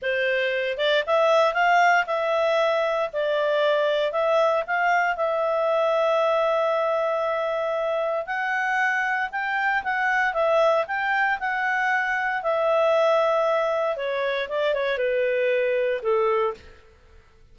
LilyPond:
\new Staff \with { instrumentName = "clarinet" } { \time 4/4 \tempo 4 = 116 c''4. d''8 e''4 f''4 | e''2 d''2 | e''4 f''4 e''2~ | e''1 |
fis''2 g''4 fis''4 | e''4 g''4 fis''2 | e''2. cis''4 | d''8 cis''8 b'2 a'4 | }